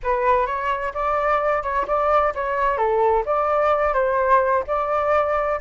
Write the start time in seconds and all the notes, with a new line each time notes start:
0.03 B4
0.46 C#5
0.94 D5
1.62 C#5
1.87 D5
2.34 C#5
2.77 A4
3.25 D5
3.93 C5
4.67 D5